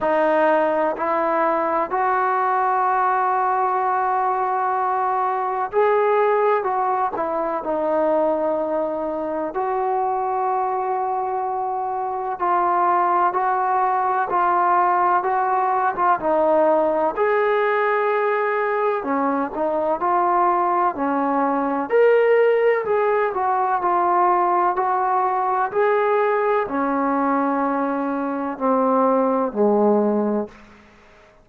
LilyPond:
\new Staff \with { instrumentName = "trombone" } { \time 4/4 \tempo 4 = 63 dis'4 e'4 fis'2~ | fis'2 gis'4 fis'8 e'8 | dis'2 fis'2~ | fis'4 f'4 fis'4 f'4 |
fis'8. f'16 dis'4 gis'2 | cis'8 dis'8 f'4 cis'4 ais'4 | gis'8 fis'8 f'4 fis'4 gis'4 | cis'2 c'4 gis4 | }